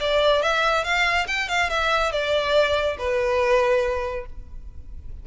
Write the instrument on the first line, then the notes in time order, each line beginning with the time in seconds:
violin
0.00 D5
0.42 E5
0.84 F5
1.27 G5
1.49 F5
1.70 E5
2.12 D5
2.99 B4